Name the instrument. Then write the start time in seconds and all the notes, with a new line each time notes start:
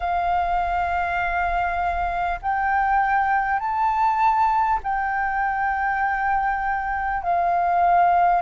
flute
0.00 F5
2.42 G5
3.59 A5
4.83 G5
7.22 F5